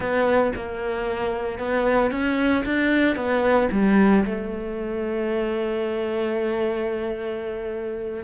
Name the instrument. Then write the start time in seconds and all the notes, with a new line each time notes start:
cello
0.00 B3
0.55 A#3
1.58 B3
2.11 C#4
2.65 D4
3.15 B3
3.71 G3
4.25 A3